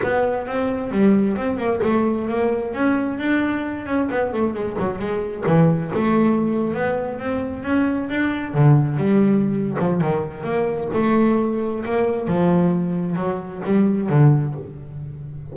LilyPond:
\new Staff \with { instrumentName = "double bass" } { \time 4/4 \tempo 4 = 132 b4 c'4 g4 c'8 ais8 | a4 ais4 cis'4 d'4~ | d'8 cis'8 b8 a8 gis8 fis8 gis4 | e4 a4.~ a16 b4 c'16~ |
c'8. cis'4 d'4 d4 g16~ | g4. f8 dis4 ais4 | a2 ais4 f4~ | f4 fis4 g4 d4 | }